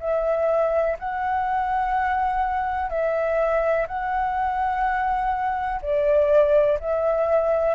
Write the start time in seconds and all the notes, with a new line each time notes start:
0.00 E5
0.99 F#5
2.89 E5
3.87 F#5
5.82 D5
6.80 E5